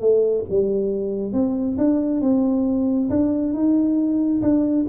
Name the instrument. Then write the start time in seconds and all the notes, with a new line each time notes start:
tuba
0.00 A3
0.49 G3
1.32 C4
1.78 D4
2.21 C4
3.10 D4
3.53 D#4
4.42 D4